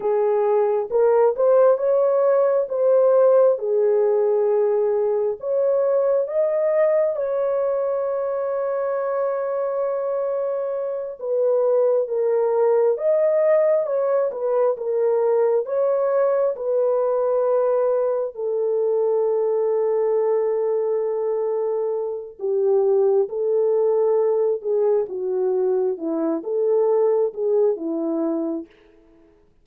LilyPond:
\new Staff \with { instrumentName = "horn" } { \time 4/4 \tempo 4 = 67 gis'4 ais'8 c''8 cis''4 c''4 | gis'2 cis''4 dis''4 | cis''1~ | cis''8 b'4 ais'4 dis''4 cis''8 |
b'8 ais'4 cis''4 b'4.~ | b'8 a'2.~ a'8~ | a'4 g'4 a'4. gis'8 | fis'4 e'8 a'4 gis'8 e'4 | }